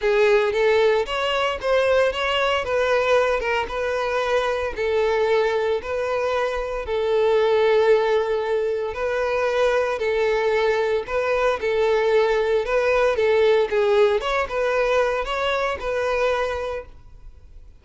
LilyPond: \new Staff \with { instrumentName = "violin" } { \time 4/4 \tempo 4 = 114 gis'4 a'4 cis''4 c''4 | cis''4 b'4. ais'8 b'4~ | b'4 a'2 b'4~ | b'4 a'2.~ |
a'4 b'2 a'4~ | a'4 b'4 a'2 | b'4 a'4 gis'4 cis''8 b'8~ | b'4 cis''4 b'2 | }